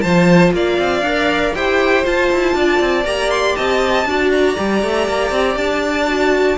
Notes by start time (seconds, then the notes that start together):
0.00 F3 F4 C5 A5
0.52 A#3 D5 F5
0.79 C4
1.01 D4 A#4
1.54 E4 G4 C5 G5
2.04 F4 A5
2.32 E4
2.54 D4 D5
2.80 C4
3.04 A#3 G4 A#5
3.30 C6
3.55 C4 D#5 A5
4.05 D4 F#4 D5
4.31 A#5
4.55 G3 G4
4.82 A3
5.07 A#3
5.31 C4
5.56 D4 A5
6.07 F#4